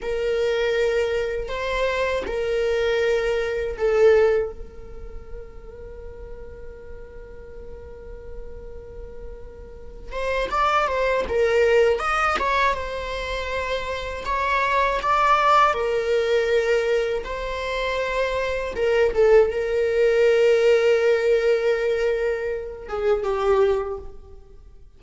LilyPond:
\new Staff \with { instrumentName = "viola" } { \time 4/4 \tempo 4 = 80 ais'2 c''4 ais'4~ | ais'4 a'4 ais'2~ | ais'1~ | ais'4. c''8 d''8 c''8 ais'4 |
dis''8 cis''8 c''2 cis''4 | d''4 ais'2 c''4~ | c''4 ais'8 a'8 ais'2~ | ais'2~ ais'8 gis'8 g'4 | }